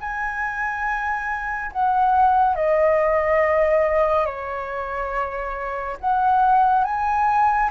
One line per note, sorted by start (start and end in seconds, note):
0.00 1.71 G#5
1.72 2.55 F#5
2.55 4.25 D#5
4.25 5.97 C#5
6.00 6.84 F#5
6.84 7.70 G#5